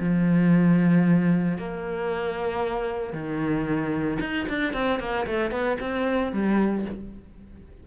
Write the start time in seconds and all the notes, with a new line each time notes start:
0.00 F3
1.58 A#3
3.13 D#3
4.20 D#4
4.49 D4
4.73 C4
5.00 A#3
5.27 A3
5.51 B3
5.80 C4
6.33 G3